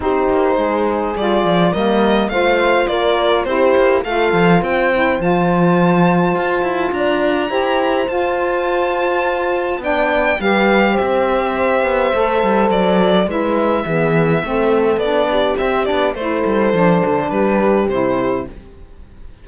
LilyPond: <<
  \new Staff \with { instrumentName = "violin" } { \time 4/4 \tempo 4 = 104 c''2 d''4 dis''4 | f''4 d''4 c''4 f''4 | g''4 a''2. | ais''2 a''2~ |
a''4 g''4 f''4 e''4~ | e''2 d''4 e''4~ | e''2 d''4 e''8 d''8 | c''2 b'4 c''4 | }
  \new Staff \with { instrumentName = "horn" } { \time 4/4 g'4 gis'2 ais'4 | c''4 ais'4 g'4 a'4 | c''1 | d''4 c''2.~ |
c''4 d''4 b'4 c''4~ | c''2. b'4 | gis'4 a'4. g'4. | a'2 g'2 | }
  \new Staff \with { instrumentName = "saxophone" } { \time 4/4 dis'2 f'4 ais4 | f'2 e'4 f'4~ | f'8 e'8 f'2.~ | f'4 g'4 f'2~ |
f'4 d'4 g'2~ | g'4 a'2 e'4 | b4 c'4 d'4 c'8 d'8 | e'4 d'2 e'4 | }
  \new Staff \with { instrumentName = "cello" } { \time 4/4 c'8 ais8 gis4 g8 f8 g4 | a4 ais4 c'8 ais8 a8 f8 | c'4 f2 f'8 e'8 | d'4 e'4 f'2~ |
f'4 b4 g4 c'4~ | c'8 b8 a8 g8 fis4 gis4 | e4 a4 b4 c'8 b8 | a8 g8 f8 d8 g4 c4 | }
>>